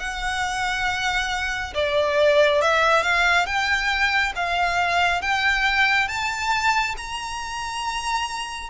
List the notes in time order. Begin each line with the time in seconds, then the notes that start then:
0.00 F#5
1.75 D5
2.62 E5
3.03 F5
3.46 G5
4.36 F5
5.22 G5
6.08 A5
6.97 A#5